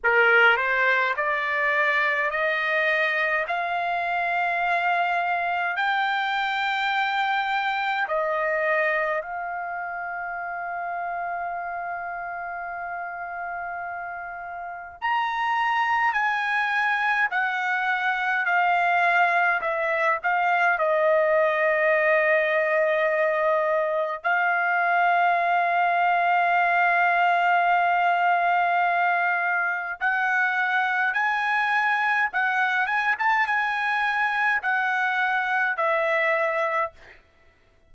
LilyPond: \new Staff \with { instrumentName = "trumpet" } { \time 4/4 \tempo 4 = 52 ais'8 c''8 d''4 dis''4 f''4~ | f''4 g''2 dis''4 | f''1~ | f''4 ais''4 gis''4 fis''4 |
f''4 e''8 f''8 dis''2~ | dis''4 f''2.~ | f''2 fis''4 gis''4 | fis''8 gis''16 a''16 gis''4 fis''4 e''4 | }